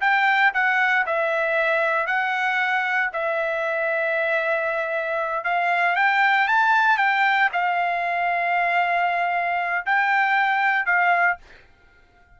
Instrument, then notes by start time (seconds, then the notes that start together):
trumpet
0.00 G5
0.53 F#5
1.06 E5
2.06 F#5
3.13 E5
5.44 F5
5.96 G5
6.47 A5
6.97 G5
7.52 F5
9.85 G5
10.85 F5